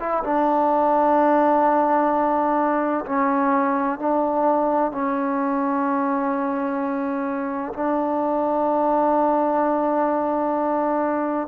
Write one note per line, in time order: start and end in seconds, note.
0.00 0.23 E4
0.24 3.06 D4
3.06 3.99 C#4
3.99 4.92 D4
4.92 7.73 C#4
7.74 11.48 D4